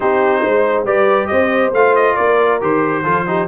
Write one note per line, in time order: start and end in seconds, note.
0.00 0.45 C4
0.00 0.85 D#4
0.00 0.41 G4
0.00 0.84 C5
0.41 0.85 G#3
0.41 0.85 C5
0.85 1.28 G3
0.85 1.72 G4
0.85 1.28 B4
0.85 1.26 D5
1.26 1.72 C4
1.26 2.16 C5
1.26 1.70 D#5
1.72 2.16 A3
1.72 2.60 F4
1.72 1.95 F5
1.95 2.16 D#5
2.16 2.62 A#3
2.16 3.03 A#4
2.16 2.59 D5
2.60 3.05 D#3
2.60 3.04 G4
2.60 3.47 C5
3.03 3.47 F3
3.03 3.26 F4
3.03 3.25 A4
3.27 3.47 D#4
3.27 3.47 G4